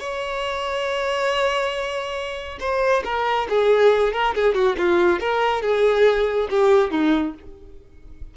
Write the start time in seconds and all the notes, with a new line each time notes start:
0.00 C#5
2.61 C5
3.05 A#4
3.50 G#4
4.13 A#4
4.35 G#4
4.55 F#4
4.78 F4
5.20 A#4
5.63 G#4
6.51 G4
6.91 D#4